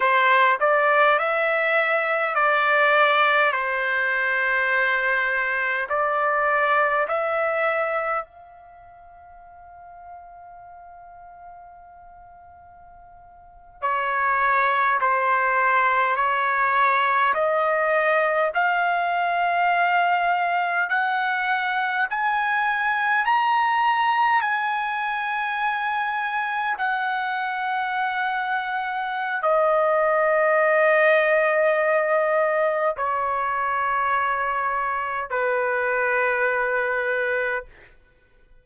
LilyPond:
\new Staff \with { instrumentName = "trumpet" } { \time 4/4 \tempo 4 = 51 c''8 d''8 e''4 d''4 c''4~ | c''4 d''4 e''4 f''4~ | f''2.~ f''8. cis''16~ | cis''8. c''4 cis''4 dis''4 f''16~ |
f''4.~ f''16 fis''4 gis''4 ais''16~ | ais''8. gis''2 fis''4~ fis''16~ | fis''4 dis''2. | cis''2 b'2 | }